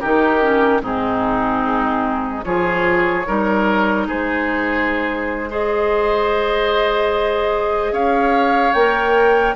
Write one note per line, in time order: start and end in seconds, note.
0.00 0.82 D#3
0.00 0.41 D#4
0.00 0.81 G4
0.00 0.81 A#4
0.41 0.82 C#4
0.82 2.44 G#2
0.82 2.44 C4
0.82 2.45 D#4
0.82 2.44 G#4
2.44 3.26 F3
2.44 3.25 F4
2.44 3.27 G#4
2.44 4.06 C#5
3.26 4.07 G3
3.26 5.49 D#4
3.26 4.08 A#4
4.07 7.92 G#3
4.07 5.49 G#4
4.07 5.51 C5
5.49 8.73 G#4
5.49 7.93 C5
5.49 7.93 D#5
7.92 8.73 C#4
7.92 9.55 C#5
7.92 8.73 F5
8.73 9.55 A#3
8.73 9.56 A#4
8.73 9.54 G5